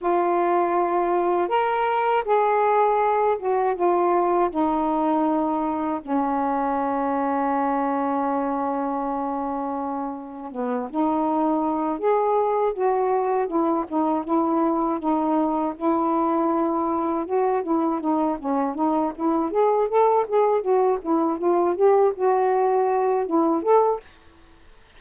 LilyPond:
\new Staff \with { instrumentName = "saxophone" } { \time 4/4 \tempo 4 = 80 f'2 ais'4 gis'4~ | gis'8 fis'8 f'4 dis'2 | cis'1~ | cis'2 b8 dis'4. |
gis'4 fis'4 e'8 dis'8 e'4 | dis'4 e'2 fis'8 e'8 | dis'8 cis'8 dis'8 e'8 gis'8 a'8 gis'8 fis'8 | e'8 f'8 g'8 fis'4. e'8 a'8 | }